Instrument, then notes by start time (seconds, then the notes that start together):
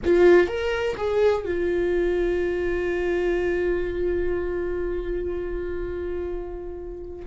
viola
0.04 F4
0.47 A#4
0.97 G#4
1.45 F4